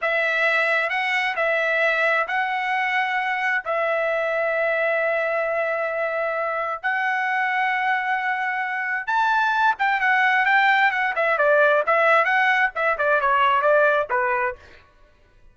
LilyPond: \new Staff \with { instrumentName = "trumpet" } { \time 4/4 \tempo 4 = 132 e''2 fis''4 e''4~ | e''4 fis''2. | e''1~ | e''2. fis''4~ |
fis''1 | a''4. g''8 fis''4 g''4 | fis''8 e''8 d''4 e''4 fis''4 | e''8 d''8 cis''4 d''4 b'4 | }